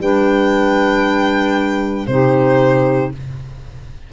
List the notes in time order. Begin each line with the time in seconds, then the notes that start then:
0.00 G3 D4 B4 G5
2.07 C3 D#4 G4 C5